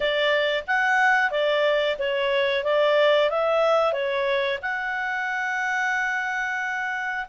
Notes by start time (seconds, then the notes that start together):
0.00 D5
0.67 F#5
1.30 D5
1.98 C#5
2.64 D5
3.30 E5
3.93 C#5
4.62 F#5